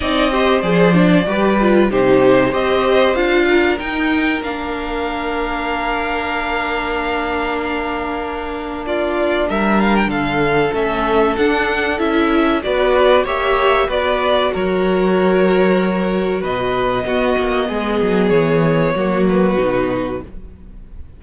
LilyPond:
<<
  \new Staff \with { instrumentName = "violin" } { \time 4/4 \tempo 4 = 95 dis''4 d''2 c''4 | dis''4 f''4 g''4 f''4~ | f''1~ | f''2 d''4 e''8 f''16 g''16 |
f''4 e''4 fis''4 e''4 | d''4 e''4 d''4 cis''4~ | cis''2 dis''2~ | dis''4 cis''4. b'4. | }
  \new Staff \with { instrumentName = "violin" } { \time 4/4 d''8 c''4. b'4 g'4 | c''4. ais'2~ ais'8~ | ais'1~ | ais'2 f'4 ais'4 |
a'1 | b'4 cis''4 b'4 ais'4~ | ais'2 b'4 fis'4 | gis'2 fis'2 | }
  \new Staff \with { instrumentName = "viola" } { \time 4/4 dis'8 g'8 gis'8 d'8 g'8 f'8 dis'4 | g'4 f'4 dis'4 d'4~ | d'1~ | d'1~ |
d'4 cis'4 d'4 e'4 | fis'4 g'4 fis'2~ | fis'2. b4~ | b2 ais4 dis'4 | }
  \new Staff \with { instrumentName = "cello" } { \time 4/4 c'4 f4 g4 c4 | c'4 d'4 dis'4 ais4~ | ais1~ | ais2. g4 |
d4 a4 d'4 cis'4 | b4 ais4 b4 fis4~ | fis2 b,4 b8 ais8 | gis8 fis8 e4 fis4 b,4 | }
>>